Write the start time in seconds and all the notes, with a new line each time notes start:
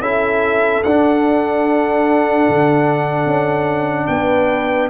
0.00 C#4 E4 A4 E5
0.83 D4 F#5
2.49 D3
3.26 C#4
4.07 B3 B4 G5